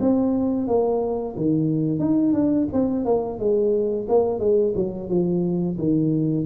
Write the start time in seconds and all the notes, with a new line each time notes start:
0.00 C4
0.67 A#3
1.36 D#3
1.99 D#4
2.33 D4
2.73 C4
3.05 A#3
3.39 G#3
4.09 A#3
4.39 G#3
4.75 F#3
5.09 F3
5.78 D#3